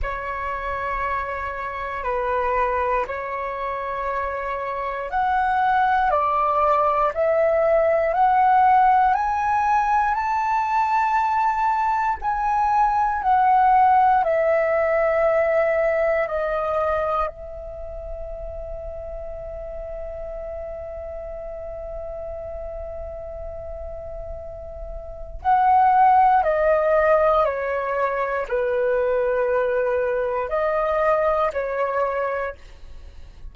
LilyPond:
\new Staff \with { instrumentName = "flute" } { \time 4/4 \tempo 4 = 59 cis''2 b'4 cis''4~ | cis''4 fis''4 d''4 e''4 | fis''4 gis''4 a''2 | gis''4 fis''4 e''2 |
dis''4 e''2.~ | e''1~ | e''4 fis''4 dis''4 cis''4 | b'2 dis''4 cis''4 | }